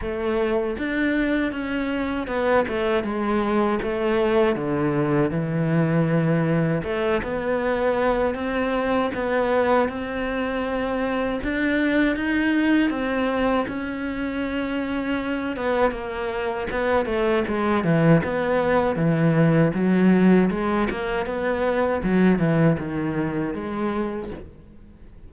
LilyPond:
\new Staff \with { instrumentName = "cello" } { \time 4/4 \tempo 4 = 79 a4 d'4 cis'4 b8 a8 | gis4 a4 d4 e4~ | e4 a8 b4. c'4 | b4 c'2 d'4 |
dis'4 c'4 cis'2~ | cis'8 b8 ais4 b8 a8 gis8 e8 | b4 e4 fis4 gis8 ais8 | b4 fis8 e8 dis4 gis4 | }